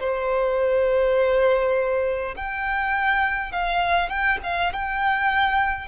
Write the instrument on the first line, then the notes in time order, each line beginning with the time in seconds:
violin
0.00 C5
2.36 G5
3.52 F5
4.10 G5
4.44 F5
4.73 G5